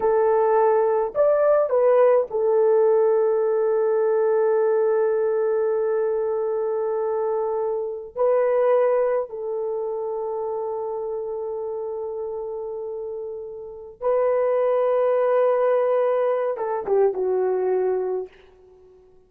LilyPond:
\new Staff \with { instrumentName = "horn" } { \time 4/4 \tempo 4 = 105 a'2 d''4 b'4 | a'1~ | a'1~ | a'2~ a'16 b'4.~ b'16~ |
b'16 a'2.~ a'8.~ | a'1~ | a'8 b'2.~ b'8~ | b'4 a'8 g'8 fis'2 | }